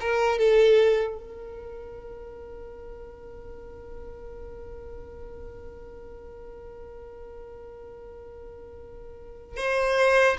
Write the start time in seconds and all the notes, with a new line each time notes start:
0.00 A#4
0.38 A4
1.17 A#4
9.57 C5